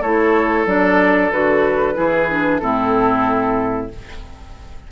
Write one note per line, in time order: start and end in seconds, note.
0.00 0.65 A3
0.00 0.66 E4
0.00 1.94 A4
0.00 0.66 C#5
0.65 1.30 F#3
0.65 1.31 D4
0.65 1.31 D5
1.31 1.97 D3
1.31 1.94 F#4
1.31 2.58 B4
1.94 2.61 E3
1.94 2.26 E4
1.94 2.61 G#4
2.30 2.60 D4
2.58 3.90 A2
2.58 3.89 C4
2.58 3.91 E4
2.58 3.87 A4